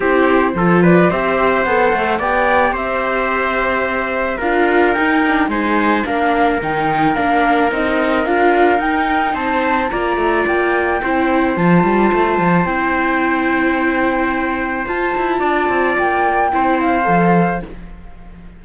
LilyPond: <<
  \new Staff \with { instrumentName = "flute" } { \time 4/4 \tempo 4 = 109 c''4. d''8 e''4 fis''4 | g''4 e''2. | f''4 g''4 gis''4 f''4 | g''4 f''4 dis''4 f''4 |
g''4 a''4 ais''4 g''4~ | g''4 a''2 g''4~ | g''2. a''4~ | a''4 g''4. f''4. | }
  \new Staff \with { instrumentName = "trumpet" } { \time 4/4 g'4 a'8 b'8 c''2 | d''4 c''2. | ais'2 c''4 ais'4~ | ais'1~ |
ais'4 c''4 d''2 | c''1~ | c''1 | d''2 c''2 | }
  \new Staff \with { instrumentName = "viola" } { \time 4/4 e'4 f'4 g'4 a'4 | g'1 | f'4 dis'8 d'8 dis'4 d'4 | dis'4 d'4 dis'4 f'4 |
dis'2 f'2 | e'4 f'2 e'4~ | e'2. f'4~ | f'2 e'4 a'4 | }
  \new Staff \with { instrumentName = "cello" } { \time 4/4 c'4 f4 c'4 b8 a8 | b4 c'2. | d'4 dis'4 gis4 ais4 | dis4 ais4 c'4 d'4 |
dis'4 c'4 ais8 a8 ais4 | c'4 f8 g8 a8 f8 c'4~ | c'2. f'8 e'8 | d'8 c'8 ais4 c'4 f4 | }
>>